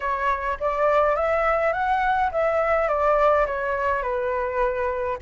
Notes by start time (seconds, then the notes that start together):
0.00 C#5
0.60 D5
1.15 E5
1.72 F#5
2.31 E5
2.88 D5
3.46 C#5
4.02 B4